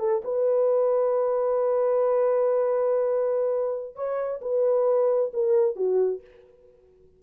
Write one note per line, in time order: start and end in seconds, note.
0.00 0.23 A4
0.25 3.96 B4
3.96 4.41 C#5
4.42 5.32 B4
5.34 5.76 A#4
5.76 6.21 F#4